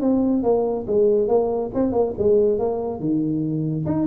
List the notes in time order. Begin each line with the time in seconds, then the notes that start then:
0.00 C4
0.42 A#3
0.87 G#3
1.28 A#3
1.74 C4
1.92 A#3
2.18 G#3
2.58 A#3
2.99 D#3
3.85 D#4